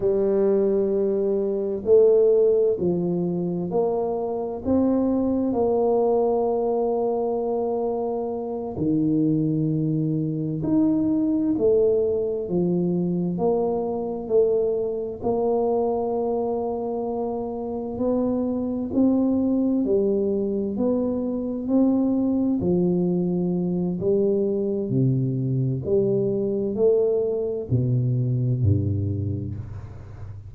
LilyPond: \new Staff \with { instrumentName = "tuba" } { \time 4/4 \tempo 4 = 65 g2 a4 f4 | ais4 c'4 ais2~ | ais4. dis2 dis'8~ | dis'8 a4 f4 ais4 a8~ |
a8 ais2. b8~ | b8 c'4 g4 b4 c'8~ | c'8 f4. g4 c4 | g4 a4 b,4 g,4 | }